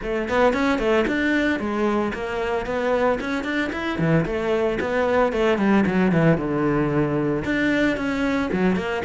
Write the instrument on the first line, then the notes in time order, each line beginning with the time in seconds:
cello
0.02 A3
0.28 B3
0.53 C#4
0.78 A3
1.07 D4
1.59 G#3
2.13 A#3
2.65 B3
3.20 C#4
3.43 D4
3.72 E4
3.98 E3
4.25 A3
4.80 B3
5.32 A3
5.58 G3
5.86 F#3
6.12 E3
6.37 D3
7.45 D4
7.96 C#4
8.52 F#3
8.76 A#3